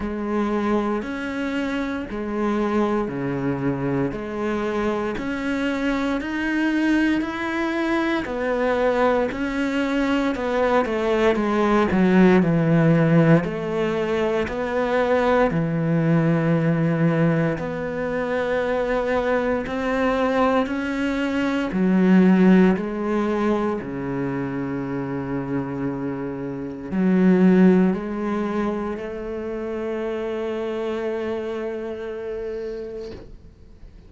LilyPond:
\new Staff \with { instrumentName = "cello" } { \time 4/4 \tempo 4 = 58 gis4 cis'4 gis4 cis4 | gis4 cis'4 dis'4 e'4 | b4 cis'4 b8 a8 gis8 fis8 | e4 a4 b4 e4~ |
e4 b2 c'4 | cis'4 fis4 gis4 cis4~ | cis2 fis4 gis4 | a1 | }